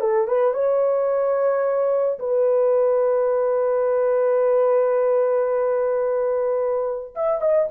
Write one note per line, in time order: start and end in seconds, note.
0.00 0.28 A4
0.28 0.54 B4
0.54 2.19 C#5
2.19 7.14 B4
7.15 7.41 E5
7.41 7.69 D#5